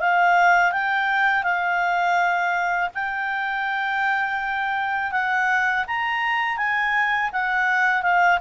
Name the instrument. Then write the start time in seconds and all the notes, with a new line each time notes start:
clarinet
0.00 F5
0.72 G5
1.43 F5
2.95 G5
5.12 F#5
5.87 A#5
6.58 G#5
7.32 F#5
8.03 F5